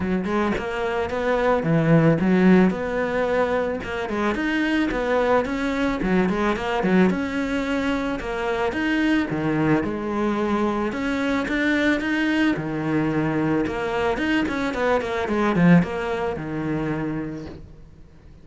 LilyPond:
\new Staff \with { instrumentName = "cello" } { \time 4/4 \tempo 4 = 110 fis8 gis8 ais4 b4 e4 | fis4 b2 ais8 gis8 | dis'4 b4 cis'4 fis8 gis8 | ais8 fis8 cis'2 ais4 |
dis'4 dis4 gis2 | cis'4 d'4 dis'4 dis4~ | dis4 ais4 dis'8 cis'8 b8 ais8 | gis8 f8 ais4 dis2 | }